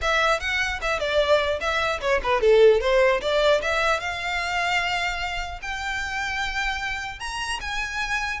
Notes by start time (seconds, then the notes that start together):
0.01 E5
0.40 F#5
0.81 E5
0.99 D5
1.60 E5
2.01 C#5
2.23 B4
2.40 A4
2.81 C5
3.21 D5
3.61 E5
4.00 F5
5.62 G5
7.19 A#5
7.60 G#5